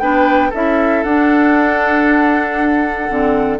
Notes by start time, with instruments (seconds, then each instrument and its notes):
0.00 bassoon B3, clarinet D4, oboe B4, flute G5
0.50 bassoon C#4, clarinet E4, oboe A4, flute E5
1.04 bassoon D4, clarinet D4, flute F#5
3.09 bassoon D3, clarinet C4